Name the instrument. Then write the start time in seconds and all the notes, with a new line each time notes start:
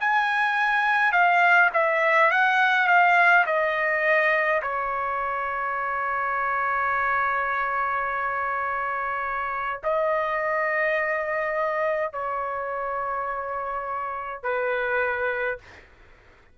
trumpet
0.00 G#5
1.12 F5
1.73 E5
2.31 F#5
2.87 F5
3.46 D#5
4.62 C#5
9.83 D#5
12.13 C#5
14.43 B4